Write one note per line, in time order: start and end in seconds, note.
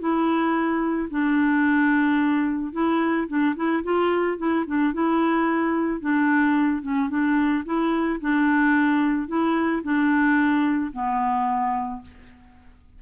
0.00 1.09 E4
1.10 2.73 D4
2.73 3.28 E4
3.28 3.55 D4
3.56 3.84 E4
3.84 4.38 F4
4.38 4.65 E4
4.67 4.94 D4
4.94 6.01 E4
6.01 6.83 D4
6.83 7.10 C#4
7.10 7.64 D4
7.66 8.20 E4
8.21 9.28 D4
9.28 9.83 E4
9.83 10.92 D4
10.93 12.02 B3